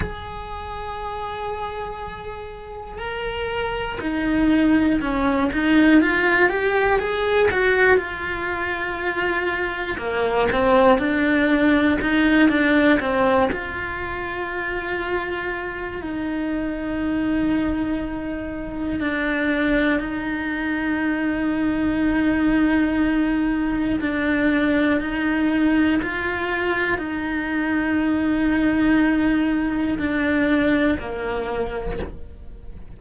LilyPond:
\new Staff \with { instrumentName = "cello" } { \time 4/4 \tempo 4 = 60 gis'2. ais'4 | dis'4 cis'8 dis'8 f'8 g'8 gis'8 fis'8 | f'2 ais8 c'8 d'4 | dis'8 d'8 c'8 f'2~ f'8 |
dis'2. d'4 | dis'1 | d'4 dis'4 f'4 dis'4~ | dis'2 d'4 ais4 | }